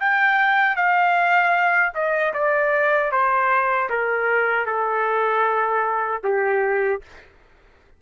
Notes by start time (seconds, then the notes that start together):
0.00 G5
0.76 F5
1.94 D#5
2.33 D5
3.11 C5
3.90 A#4
4.66 A4
6.24 G4